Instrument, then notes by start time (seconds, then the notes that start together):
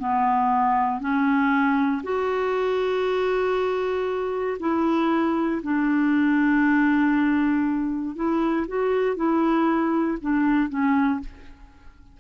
clarinet
0.00 B3
1.01 C#4
2.04 F#4
4.60 E4
5.63 D4
8.16 E4
8.68 F#4
9.17 E4
10.22 D4
10.70 C#4